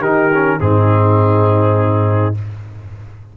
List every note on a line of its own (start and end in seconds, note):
0.00 0.58 D#3
0.00 0.31 D#4
0.00 0.58 G4
0.00 0.60 A#4
0.33 0.60 C#4
0.60 2.35 G#2
0.60 2.35 C4
0.60 2.37 D#4
0.60 2.35 G#4